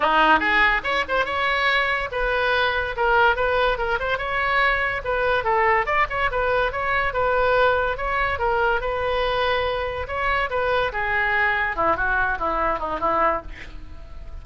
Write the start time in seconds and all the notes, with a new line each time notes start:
0.00 D#4
0.39 G#4
0.83 C#5
1.08 C5
1.25 C#5
2.11 B4
2.96 A#4
3.36 B4
3.78 A#4
3.99 C5
4.17 C#5
5.04 B4
5.44 A4
5.85 D5
6.09 C#5
6.31 B4
6.72 C#5
7.13 B4
7.97 C#5
8.39 A#4
8.81 B4
10.07 C#5
10.50 B4
10.92 G#4
11.75 E4
11.96 F#4
12.39 E4
12.79 D#4
13.00 E4